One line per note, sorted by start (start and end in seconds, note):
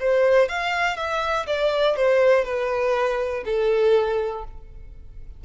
0.00 0.49 C5
0.49 0.97 F5
0.97 1.46 E5
1.47 1.96 D5
1.96 2.45 C5
2.45 3.44 B4
3.45 4.44 A4